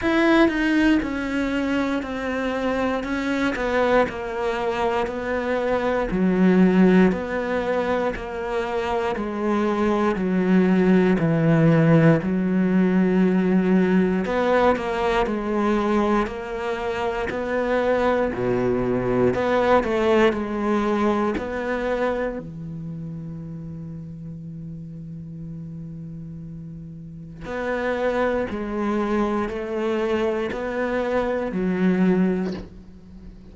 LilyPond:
\new Staff \with { instrumentName = "cello" } { \time 4/4 \tempo 4 = 59 e'8 dis'8 cis'4 c'4 cis'8 b8 | ais4 b4 fis4 b4 | ais4 gis4 fis4 e4 | fis2 b8 ais8 gis4 |
ais4 b4 b,4 b8 a8 | gis4 b4 e2~ | e2. b4 | gis4 a4 b4 fis4 | }